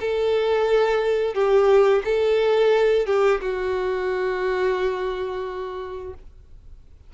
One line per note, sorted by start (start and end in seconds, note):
0.00 1.34 A4
1.34 2.02 G4
2.05 3.06 A4
3.06 3.40 G4
3.41 6.13 F#4